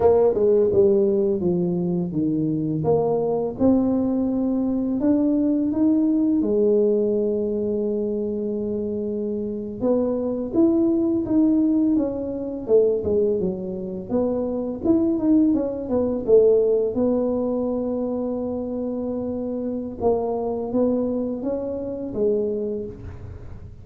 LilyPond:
\new Staff \with { instrumentName = "tuba" } { \time 4/4 \tempo 4 = 84 ais8 gis8 g4 f4 dis4 | ais4 c'2 d'4 | dis'4 gis2.~ | gis4.~ gis16 b4 e'4 dis'16~ |
dis'8. cis'4 a8 gis8 fis4 b16~ | b8. e'8 dis'8 cis'8 b8 a4 b16~ | b1 | ais4 b4 cis'4 gis4 | }